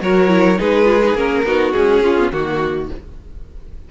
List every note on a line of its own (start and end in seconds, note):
0.00 0.59 F#3
0.00 0.28 F#4
0.00 0.59 A#4
0.00 0.60 C#5
0.28 0.57 E4
0.58 1.14 G#3
0.58 0.85 D#4
0.58 1.45 G#4
0.58 1.16 B4
0.85 0.99 F4
1.03 1.15 D#4
1.14 1.43 A#3
1.14 1.44 C#4
1.14 1.72 A#4
1.44 1.73 B3
1.44 1.74 D#4
1.44 2.03 F#4
1.72 2.01 G#3
1.72 2.32 C#4
1.72 2.30 G#4
2.01 2.15 C#4
2.01 2.32 F4
2.19 2.32 B3
2.32 2.90 D#3
2.32 2.89 A#3
2.32 2.89 F#4
2.32 2.91 F#4